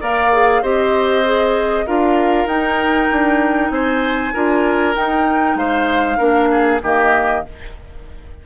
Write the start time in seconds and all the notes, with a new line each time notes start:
0.00 A#3 A#4 D5 F5
0.32 G#4
0.62 C4 G4 C5 D#5
1.24 G#4
1.86 D4 F4 A#4 F5
2.46 D#4 G5
3.11 D4
3.70 C4 C5 G#5
4.34 D4 F4 A#4
4.95 D#4 G5
5.55 G#3 C5 F5
6.18 A#3 D4 A#4
6.51 G#4
6.82 D#3 A#3 G4 D#5